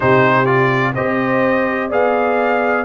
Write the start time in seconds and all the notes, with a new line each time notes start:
0.00 C3 D#4 G4 C5
0.45 F4 D5
0.94 C4 G4 C5 D#5
1.89 B3 G#4 D5 F5